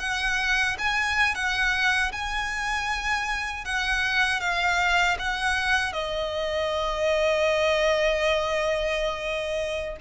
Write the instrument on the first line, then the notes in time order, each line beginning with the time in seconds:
violin
0.00 F#5
0.78 G#5
1.35 F#5
2.12 G#5
3.65 F#5
4.41 F5
5.19 F#5
5.93 D#5